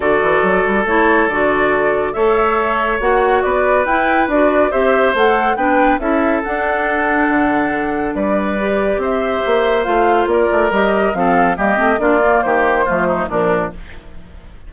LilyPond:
<<
  \new Staff \with { instrumentName = "flute" } { \time 4/4 \tempo 4 = 140 d''2 cis''4 d''4~ | d''4 e''2 fis''4 | d''4 g''4 d''4 e''4 | fis''4 g''4 e''4 fis''4~ |
fis''2. d''4~ | d''4 e''2 f''4 | d''4 dis''4 f''4 dis''4 | d''4 c''2 ais'4 | }
  \new Staff \with { instrumentName = "oboe" } { \time 4/4 a'1~ | a'4 cis''2. | b'2. c''4~ | c''4 b'4 a'2~ |
a'2. b'4~ | b'4 c''2. | ais'2 a'4 g'4 | f'4 g'4 f'8 dis'8 d'4 | }
  \new Staff \with { instrumentName = "clarinet" } { \time 4/4 fis'2 e'4 fis'4~ | fis'4 a'2 fis'4~ | fis'4 e'4 fis'4 g'4 | a'4 d'4 e'4 d'4~ |
d'1 | g'2. f'4~ | f'4 g'4 c'4 ais8 c'8 | d'8 ais4. a4 f4 | }
  \new Staff \with { instrumentName = "bassoon" } { \time 4/4 d8 e8 fis8 g8 a4 d4~ | d4 a2 ais4 | b4 e'4 d'4 c'4 | a4 b4 cis'4 d'4~ |
d'4 d2 g4~ | g4 c'4 ais4 a4 | ais8 a8 g4 f4 g8 a8 | ais4 dis4 f4 ais,4 | }
>>